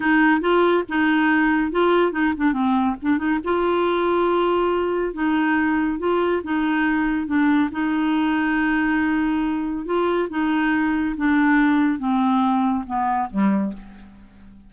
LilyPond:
\new Staff \with { instrumentName = "clarinet" } { \time 4/4 \tempo 4 = 140 dis'4 f'4 dis'2 | f'4 dis'8 d'8 c'4 d'8 dis'8 | f'1 | dis'2 f'4 dis'4~ |
dis'4 d'4 dis'2~ | dis'2. f'4 | dis'2 d'2 | c'2 b4 g4 | }